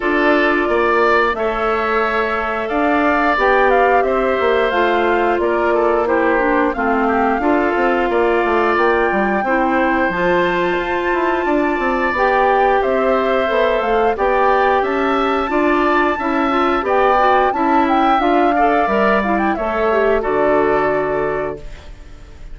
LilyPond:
<<
  \new Staff \with { instrumentName = "flute" } { \time 4/4 \tempo 4 = 89 d''2 e''2 | f''4 g''8 f''8 e''4 f''4 | d''4 c''4 f''2~ | f''4 g''2 a''4~ |
a''2 g''4 e''4~ | e''8 f''8 g''4 a''2~ | a''4 g''4 a''8 g''8 f''4 | e''8 f''16 g''16 e''4 d''2 | }
  \new Staff \with { instrumentName = "oboe" } { \time 4/4 a'4 d''4 cis''2 | d''2 c''2 | ais'8 a'8 g'4 f'8 g'8 a'4 | d''2 c''2~ |
c''4 d''2 c''4~ | c''4 d''4 e''4 d''4 | e''4 d''4 e''4. d''8~ | d''4 cis''4 a'2 | }
  \new Staff \with { instrumentName = "clarinet" } { \time 4/4 f'2 a'2~ | a'4 g'2 f'4~ | f'4 e'8 d'8 c'4 f'4~ | f'2 e'4 f'4~ |
f'2 g'2 | a'4 g'2 f'4 | e'8 f'8 g'8 fis'8 e'4 f'8 a'8 | ais'8 e'8 a'8 g'8 fis'2 | }
  \new Staff \with { instrumentName = "bassoon" } { \time 4/4 d'4 ais4 a2 | d'4 b4 c'8 ais8 a4 | ais2 a4 d'8 c'8 | ais8 a8 ais8 g8 c'4 f4 |
f'8 e'8 d'8 c'8 b4 c'4 | b8 a8 b4 cis'4 d'4 | cis'4 b4 cis'4 d'4 | g4 a4 d2 | }
>>